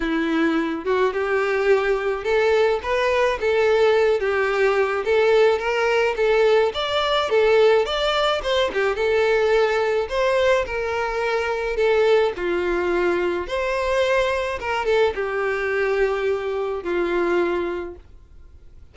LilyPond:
\new Staff \with { instrumentName = "violin" } { \time 4/4 \tempo 4 = 107 e'4. fis'8 g'2 | a'4 b'4 a'4. g'8~ | g'4 a'4 ais'4 a'4 | d''4 a'4 d''4 c''8 g'8 |
a'2 c''4 ais'4~ | ais'4 a'4 f'2 | c''2 ais'8 a'8 g'4~ | g'2 f'2 | }